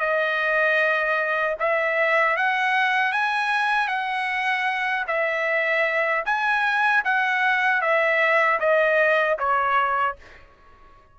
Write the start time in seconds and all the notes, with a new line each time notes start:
0.00 D#5
1.60 E5
2.37 F#5
3.12 G#5
3.88 F#5
5.08 E5
6.26 G#5
7.05 F#5
7.81 E5
8.60 D#5
9.39 C#5